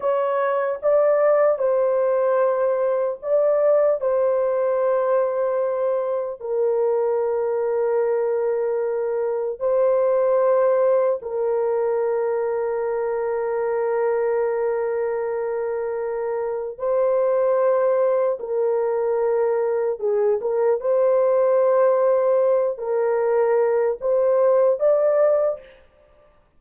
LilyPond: \new Staff \with { instrumentName = "horn" } { \time 4/4 \tempo 4 = 75 cis''4 d''4 c''2 | d''4 c''2. | ais'1 | c''2 ais'2~ |
ais'1~ | ais'4 c''2 ais'4~ | ais'4 gis'8 ais'8 c''2~ | c''8 ais'4. c''4 d''4 | }